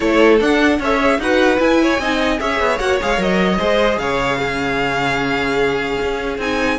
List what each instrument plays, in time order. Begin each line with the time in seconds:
0.00 cello A3, viola E4, violin A4 C#5
0.39 viola D4, cello D4, violin F#5
0.79 cello C#4, viola A4, violin C#5 E5
1.00 viola G#4
1.18 cello D#4, viola F#4, violin B4 F#5
1.58 viola E4, cello E4, violin G#5
1.82 violin C#5
1.98 cello C4, viola D#4, violin D#5
2.39 cello C#4, viola G#4, violin C#5 E5
2.59 cello B3
2.78 cello A#3, viola F#4, violin F#5
3.00 cello G#3, viola G#4, violin F5
3.17 cello F#3, viola A#4, violin D#5
3.58 cello G#3, viola G#4, violin C5
3.97 cello C#3, violin C#5 F5
4.38 viola C#4, violin G#4
6.02 cello C#4
6.37 cello C4, viola D#4, violin G#5